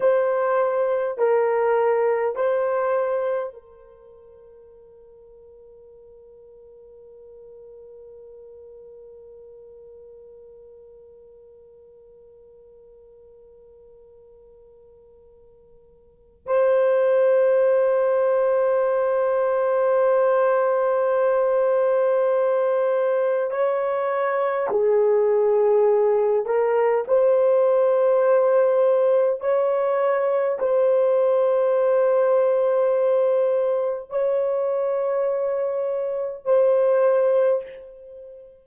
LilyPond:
\new Staff \with { instrumentName = "horn" } { \time 4/4 \tempo 4 = 51 c''4 ais'4 c''4 ais'4~ | ais'1~ | ais'1~ | ais'2 c''2~ |
c''1 | cis''4 gis'4. ais'8 c''4~ | c''4 cis''4 c''2~ | c''4 cis''2 c''4 | }